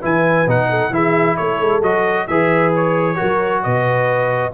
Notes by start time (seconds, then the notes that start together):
0.00 E3 E4 B4 G#5
0.47 B2 D#4 F#5
0.70 A4
0.90 E3 E4 G#4 E5
1.36 A3 A4 C#5
1.60 G#3
1.82 F#3 F#4 D#5
2.27 E3 G#4 B4 E5
2.76 C#5
3.16 F#4 A#4
3.22 F#3
3.63 B2 B4 D#5